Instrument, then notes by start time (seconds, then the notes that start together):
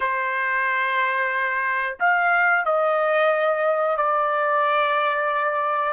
trumpet
0.00 C5
1.99 F5
2.65 D#5
3.97 D5